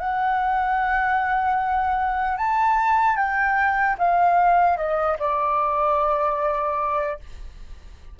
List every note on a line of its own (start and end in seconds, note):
0.00 2.38 F#5
2.38 3.16 A5
3.16 3.96 G5
3.99 4.77 F5
4.77 5.17 D#5
5.19 7.19 D5